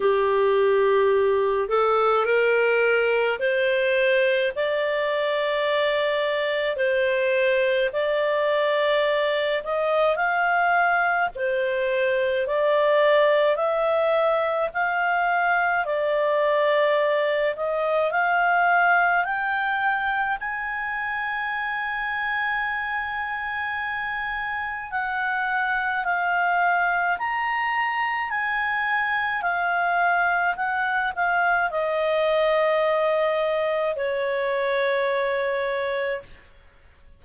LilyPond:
\new Staff \with { instrumentName = "clarinet" } { \time 4/4 \tempo 4 = 53 g'4. a'8 ais'4 c''4 | d''2 c''4 d''4~ | d''8 dis''8 f''4 c''4 d''4 | e''4 f''4 d''4. dis''8 |
f''4 g''4 gis''2~ | gis''2 fis''4 f''4 | ais''4 gis''4 f''4 fis''8 f''8 | dis''2 cis''2 | }